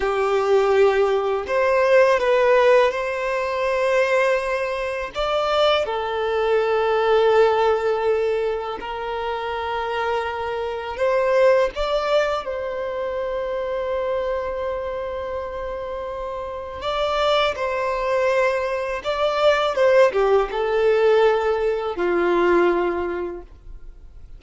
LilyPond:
\new Staff \with { instrumentName = "violin" } { \time 4/4 \tempo 4 = 82 g'2 c''4 b'4 | c''2. d''4 | a'1 | ais'2. c''4 |
d''4 c''2.~ | c''2. d''4 | c''2 d''4 c''8 g'8 | a'2 f'2 | }